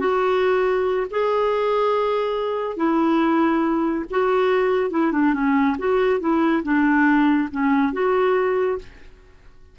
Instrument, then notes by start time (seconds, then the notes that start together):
clarinet
0.00 F#4
1.11 G#4
2.77 E4
4.11 F#4
4.91 E4
5.12 D4
5.34 C#4
5.79 F#4
6.20 E4
6.63 D4
7.51 C#4
7.93 F#4